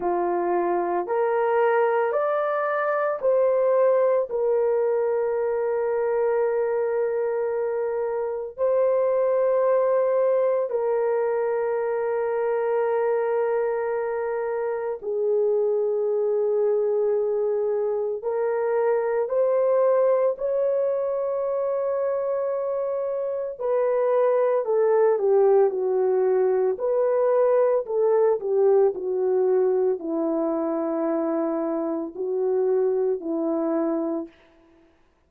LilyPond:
\new Staff \with { instrumentName = "horn" } { \time 4/4 \tempo 4 = 56 f'4 ais'4 d''4 c''4 | ais'1 | c''2 ais'2~ | ais'2 gis'2~ |
gis'4 ais'4 c''4 cis''4~ | cis''2 b'4 a'8 g'8 | fis'4 b'4 a'8 g'8 fis'4 | e'2 fis'4 e'4 | }